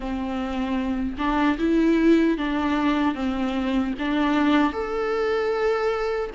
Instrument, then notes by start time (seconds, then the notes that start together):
viola
0.00 C4
1.18 D4
1.58 E4
2.37 D4
3.14 C4
3.98 D4
4.72 A4